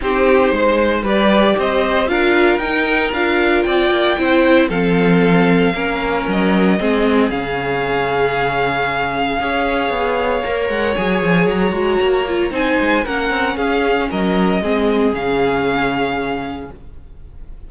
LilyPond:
<<
  \new Staff \with { instrumentName = "violin" } { \time 4/4 \tempo 4 = 115 c''2 d''4 dis''4 | f''4 g''4 f''4 g''4~ | g''4 f''2. | dis''2 f''2~ |
f''1~ | f''8 fis''8 gis''4 ais''2 | gis''4 fis''4 f''4 dis''4~ | dis''4 f''2. | }
  \new Staff \with { instrumentName = "violin" } { \time 4/4 g'4 c''4 b'4 c''4 | ais'2. d''4 | c''4 a'2 ais'4~ | ais'4 gis'2.~ |
gis'2 cis''2~ | cis''1 | c''4 ais'4 gis'4 ais'4 | gis'1 | }
  \new Staff \with { instrumentName = "viola" } { \time 4/4 dis'2 g'2 | f'4 dis'4 f'2 | e'4 c'2 cis'4~ | cis'4 c'4 cis'2~ |
cis'2 gis'2 | ais'4 gis'4. fis'4 f'8 | dis'4 cis'2. | c'4 cis'2. | }
  \new Staff \with { instrumentName = "cello" } { \time 4/4 c'4 gis4 g4 c'4 | d'4 dis'4 d'4 c'8 ais8 | c'4 f2 ais4 | fis4 gis4 cis2~ |
cis2 cis'4 b4 | ais8 gis8 fis8 f8 fis8 gis8 ais4 | c'8 gis8 ais8 c'8 cis'4 fis4 | gis4 cis2. | }
>>